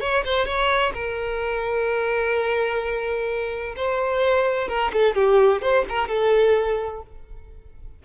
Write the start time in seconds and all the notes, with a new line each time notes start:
0.00 C#5
0.24 C5
0.46 C#5
0.94 A#4
3.76 C5
4.68 A#4
4.93 A4
5.15 G4
5.61 C5
5.88 A#4
6.08 A4